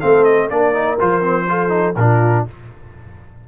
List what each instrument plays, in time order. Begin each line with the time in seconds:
0.00 tuba A3, trombone C4, horn A4, trumpet F5
0.24 trumpet D#5
0.48 tuba A#3, trombone D4, horn A#4, trumpet D5
0.74 trombone D#4
1.00 tuba F3, trombone F4, trumpet C5
1.21 trombone C4
1.49 trombone F4, horn A4
1.69 trombone D#4
1.96 tuba A#2, trombone D4, horn F4, trumpet A#4